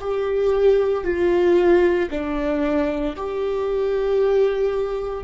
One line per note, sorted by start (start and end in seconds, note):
0.00 1.04 G4
1.04 2.09 F4
2.11 3.16 D4
3.16 5.24 G4